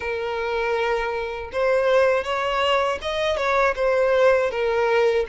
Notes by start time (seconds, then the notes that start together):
0.00 A#4
1.52 C5
2.24 C#5
3.01 D#5
3.36 C#5
3.75 C5
4.50 A#4